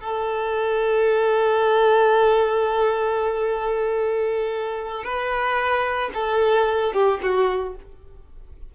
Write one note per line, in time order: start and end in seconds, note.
0.00 5.04 A4
5.04 6.10 B4
6.14 6.93 A4
6.93 7.20 G4
7.22 7.75 F#4